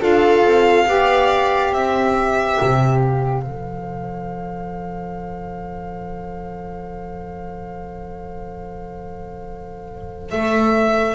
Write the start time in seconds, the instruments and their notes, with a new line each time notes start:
0.00 double bass D4, saxophone F4, viola A4, violin F5
0.44 double bass C4
0.87 double bass B3, saxophone G4, viola D5
1.72 double bass C4, viola C5, violin E5
2.61 double bass C3
3.00 violin F5
3.43 double bass F3, saxophone A4
10.31 double bass A3, violin E5